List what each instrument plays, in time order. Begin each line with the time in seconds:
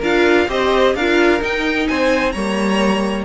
0.00 cello D4, viola F4, violin A#4 F5
0.49 cello C4, viola G4, violin C5 D#5
0.95 cello D4, viola F4, violin A#4 F5
1.40 viola D#4, cello D#4, violin G5
1.88 cello C4, violin C5 G#5
2.32 cello G3, viola A#3, violin C#5 A#5